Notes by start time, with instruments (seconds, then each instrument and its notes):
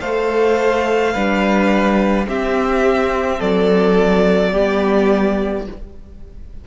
0.00 cello A3, viola A4, violin C5 F5
1.13 cello G3, viola D4, violin B4
2.26 cello C4, viola C4, violin G4 E5
3.38 cello F#3, violin A4 D5
4.51 cello G3, viola B3, violin G4